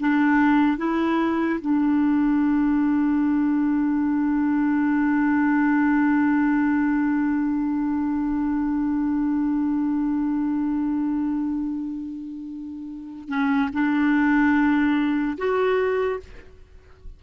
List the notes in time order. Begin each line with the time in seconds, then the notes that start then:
0.00 D4
0.77 E4
1.60 D4
13.28 C#4
13.73 D4
15.37 F#4